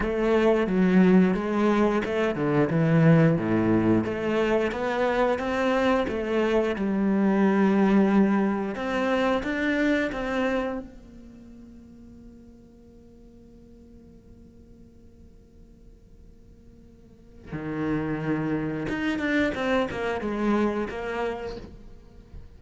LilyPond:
\new Staff \with { instrumentName = "cello" } { \time 4/4 \tempo 4 = 89 a4 fis4 gis4 a8 d8 | e4 a,4 a4 b4 | c'4 a4 g2~ | g4 c'4 d'4 c'4 |
ais1~ | ais1~ | ais2 dis2 | dis'8 d'8 c'8 ais8 gis4 ais4 | }